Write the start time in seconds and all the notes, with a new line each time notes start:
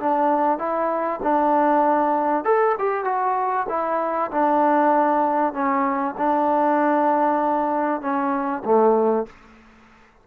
0.00 D4
0.59 E4
1.23 D4
2.45 A4
2.79 G4
3.05 F#4
3.69 E4
4.31 D4
5.53 C#4
6.18 D4
8.01 C#4
8.65 A3